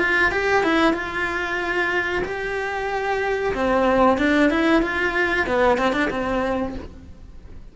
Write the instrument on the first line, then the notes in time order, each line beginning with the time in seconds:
cello
0.00 F4
0.32 G4
0.64 E4
0.94 F4
2.25 G4
3.54 C4
4.18 D4
4.50 E4
4.82 F4
5.47 B3
5.78 C4
5.93 D4
6.10 C4